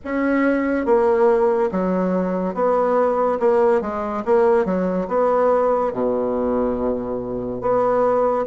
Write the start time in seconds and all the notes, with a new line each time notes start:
0.04 C#4
0.85 A#3
1.71 F#3
2.54 B3
3.39 A#3
3.81 G#3
4.25 A#3
4.65 F#3
5.08 B3
5.92 B2
7.61 B3